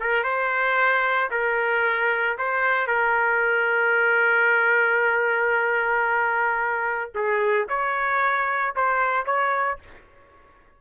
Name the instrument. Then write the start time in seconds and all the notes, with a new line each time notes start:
trumpet
0.00 A#4
0.24 C5
1.31 A#4
2.38 C5
2.87 A#4
7.14 G#4
7.68 C#5
8.76 C5
9.26 C#5